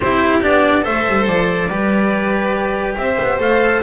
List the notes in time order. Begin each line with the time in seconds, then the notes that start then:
0.00 C4 E4 G4 C5
0.42 B3 D4 D5
0.82 A3 A4 C5 E5
1.08 G3
1.26 F3 D5
1.67 G3 G4 B4
2.96 C4 C5 E5
3.21 B3
3.39 A3 A4 F5